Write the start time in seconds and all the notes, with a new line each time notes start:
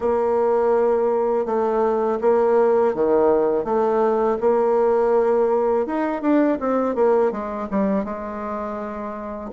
0.00 A#3
1.45 A3
2.21 A#3
2.94 D#3
3.64 A3
4.40 A#3
5.86 D#4
6.21 D4
6.60 C4
6.95 A#3
7.31 G#3
7.70 G3
8.04 G#3